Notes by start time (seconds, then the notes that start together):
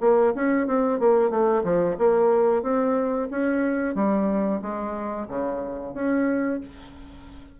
0.00 A#3
0.35 C#4
0.67 C4
0.99 A#3
1.30 A3
1.64 F3
1.98 A#3
2.63 C4
3.31 C#4
3.95 G3
4.61 G#3
5.28 C#3
5.94 C#4